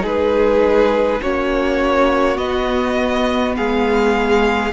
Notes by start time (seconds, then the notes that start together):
0.00 G#3 D#4 G#4
0.07 B4
1.22 A#3 C#4 F#4 C#5
2.37 B3 D#5
3.57 G#3 G#4 F5